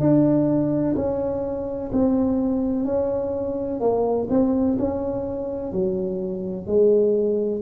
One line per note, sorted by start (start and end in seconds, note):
0.00 0.95 D4
0.96 1.91 C#4
1.92 2.85 C4
2.85 3.80 C#4
3.80 4.28 A#3
4.30 4.77 C4
4.79 5.72 C#4
5.72 6.67 F#3
6.67 7.62 G#3